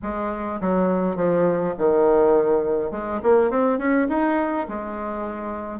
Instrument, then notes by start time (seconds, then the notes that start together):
bassoon
0.02 G#3
0.61 F#3
1.16 F3
1.78 D#3
2.91 G#3
3.23 A#3
3.50 C4
3.78 C#4
4.09 D#4
4.68 G#3